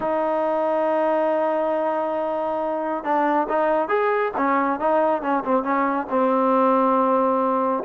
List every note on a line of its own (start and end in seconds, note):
0.00 3.03 D#4
3.03 3.47 D4
3.48 3.88 D#4
3.88 4.31 G#4
4.37 4.79 C#4
4.79 5.22 D#4
5.22 5.43 C#4
5.45 5.63 C4
5.63 6.06 C#4
6.09 7.83 C4